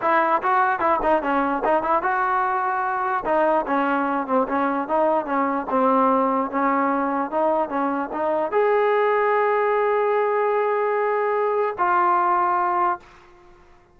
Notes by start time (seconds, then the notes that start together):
0.01 E4
0.42 F#4
0.79 E4
1.02 D#4
1.22 C#4
1.64 D#4
1.82 E4
2.02 F#4
3.25 D#4
3.66 C#4
4.26 C4
4.48 C#4
4.87 D#4
5.25 C#4
5.70 C4
6.50 C#4
7.30 D#4
7.69 C#4
8.12 D#4
8.51 G#4
11.78 F4